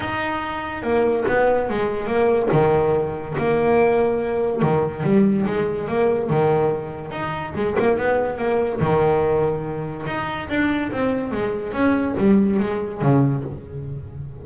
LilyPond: \new Staff \with { instrumentName = "double bass" } { \time 4/4 \tempo 4 = 143 dis'2 ais4 b4 | gis4 ais4 dis2 | ais2. dis4 | g4 gis4 ais4 dis4~ |
dis4 dis'4 gis8 ais8 b4 | ais4 dis2. | dis'4 d'4 c'4 gis4 | cis'4 g4 gis4 cis4 | }